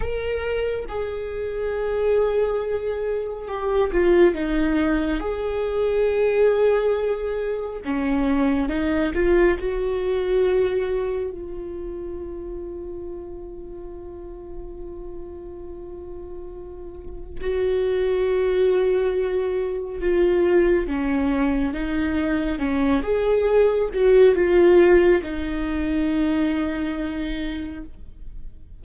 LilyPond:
\new Staff \with { instrumentName = "viola" } { \time 4/4 \tempo 4 = 69 ais'4 gis'2. | g'8 f'8 dis'4 gis'2~ | gis'4 cis'4 dis'8 f'8 fis'4~ | fis'4 f'2.~ |
f'1 | fis'2. f'4 | cis'4 dis'4 cis'8 gis'4 fis'8 | f'4 dis'2. | }